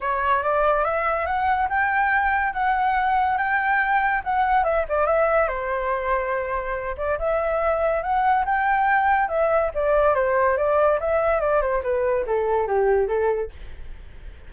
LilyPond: \new Staff \with { instrumentName = "flute" } { \time 4/4 \tempo 4 = 142 cis''4 d''4 e''4 fis''4 | g''2 fis''2 | g''2 fis''4 e''8 d''8 | e''4 c''2.~ |
c''8 d''8 e''2 fis''4 | g''2 e''4 d''4 | c''4 d''4 e''4 d''8 c''8 | b'4 a'4 g'4 a'4 | }